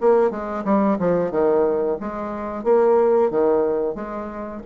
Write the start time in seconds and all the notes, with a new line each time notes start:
0.00 A#3
0.30 G#3
0.64 G3
0.99 F3
1.31 D#3
2.00 G#3
2.63 A#3
3.30 D#3
3.95 G#3